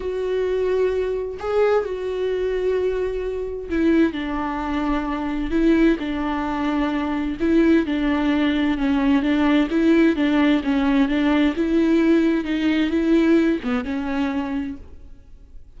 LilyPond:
\new Staff \with { instrumentName = "viola" } { \time 4/4 \tempo 4 = 130 fis'2. gis'4 | fis'1 | e'4 d'2. | e'4 d'2. |
e'4 d'2 cis'4 | d'4 e'4 d'4 cis'4 | d'4 e'2 dis'4 | e'4. b8 cis'2 | }